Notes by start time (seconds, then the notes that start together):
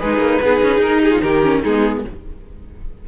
0.00 G#3 D#4 G#4 B4
0.18 A#3
0.42 B3 D#4 G#4
0.63 C#4
0.78 D#4 A#4
1.02 G4 G#4
1.11 F4
1.22 D#3 G4 A#4
1.43 C#4
1.62 G#3 B3 D#4 G#4